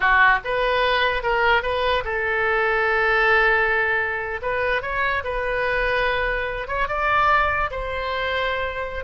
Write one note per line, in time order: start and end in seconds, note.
0.00 0.39 F#4
0.44 1.23 B4
1.23 1.62 A#4
1.62 2.03 B4
2.04 4.40 A4
4.42 4.82 B4
4.82 5.23 C#5
5.24 6.67 B4
6.67 6.88 C#5
6.88 7.70 D5
7.70 9.04 C5